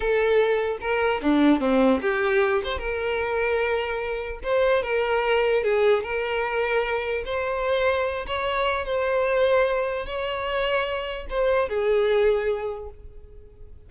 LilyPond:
\new Staff \with { instrumentName = "violin" } { \time 4/4 \tempo 4 = 149 a'2 ais'4 d'4 | c'4 g'4. c''8 ais'4~ | ais'2. c''4 | ais'2 gis'4 ais'4~ |
ais'2 c''2~ | c''8 cis''4. c''2~ | c''4 cis''2. | c''4 gis'2. | }